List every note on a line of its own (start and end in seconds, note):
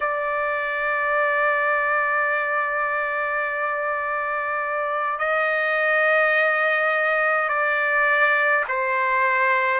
0.00 5.18 D5
5.19 7.48 D#5
7.48 8.64 D5
8.68 9.80 C5